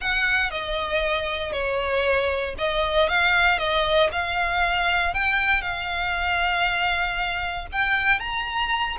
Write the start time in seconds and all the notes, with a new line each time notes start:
0.00 F#5
0.50 D#5
1.52 C#5
2.58 D#5
3.08 F5
3.58 D#5
4.11 F5
5.14 G5
5.61 F5
7.72 G5
8.19 A#5